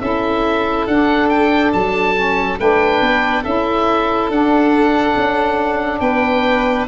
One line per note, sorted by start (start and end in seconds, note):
0.00 0.86 C#4
0.00 0.87 E4
0.00 2.59 A4
0.00 0.86 E5
0.86 1.72 D4
0.86 2.14 D4
0.86 1.28 F#5
1.28 1.71 G5
1.72 2.59 F#3
1.72 2.58 A5
2.14 2.57 C#4
2.58 3.01 A3
2.58 3.44 D4
2.58 3.42 B4
2.58 3.44 G5
3.01 3.44 B3
3.42 4.29 C#4
3.42 4.30 E4
3.42 5.99 A4
3.42 4.29 E5
4.29 5.15 D4
4.29 6.87 D4
4.29 6.00 F#5
5.16 6.00 C#4
6.00 6.86 B3
6.00 6.87 B4
6.00 6.85 G5